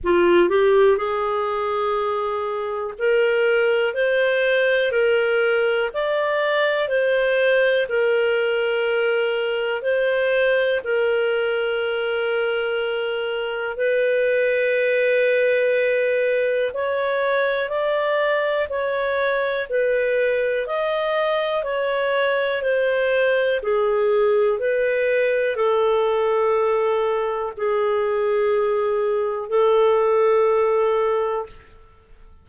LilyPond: \new Staff \with { instrumentName = "clarinet" } { \time 4/4 \tempo 4 = 61 f'8 g'8 gis'2 ais'4 | c''4 ais'4 d''4 c''4 | ais'2 c''4 ais'4~ | ais'2 b'2~ |
b'4 cis''4 d''4 cis''4 | b'4 dis''4 cis''4 c''4 | gis'4 b'4 a'2 | gis'2 a'2 | }